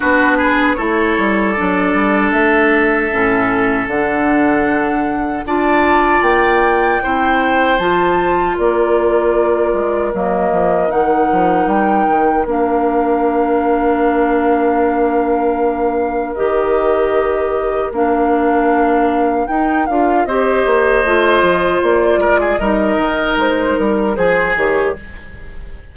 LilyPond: <<
  \new Staff \with { instrumentName = "flute" } { \time 4/4 \tempo 4 = 77 b'4 cis''4 d''4 e''4~ | e''4 fis''2 a''4 | g''2 a''4 d''4~ | d''4 dis''4 fis''4 g''4 |
f''1~ | f''4 dis''2 f''4~ | f''4 g''8 f''8 dis''2 | d''4 dis''4 c''8 ais'8 c''8 cis''8 | }
  \new Staff \with { instrumentName = "oboe" } { \time 4/4 fis'8 gis'8 a'2.~ | a'2. d''4~ | d''4 c''2 ais'4~ | ais'1~ |
ais'1~ | ais'1~ | ais'2 c''2~ | c''8 ais'16 gis'16 ais'2 gis'4 | }
  \new Staff \with { instrumentName = "clarinet" } { \time 4/4 d'4 e'4 d'2 | cis'4 d'2 f'4~ | f'4 e'4 f'2~ | f'4 ais4 dis'2 |
d'1~ | d'4 g'2 d'4~ | d'4 dis'8 f'8 g'4 f'4~ | f'4 dis'2 gis'8 g'8 | }
  \new Staff \with { instrumentName = "bassoon" } { \time 4/4 b4 a8 g8 fis8 g8 a4 | a,4 d2 d'4 | ais4 c'4 f4 ais4~ | ais8 gis8 fis8 f8 dis8 f8 g8 dis8 |
ais1~ | ais4 dis2 ais4~ | ais4 dis'8 d'8 c'8 ais8 a8 f8 | ais8 gis8 g8 dis8 gis8 g8 f8 dis8 | }
>>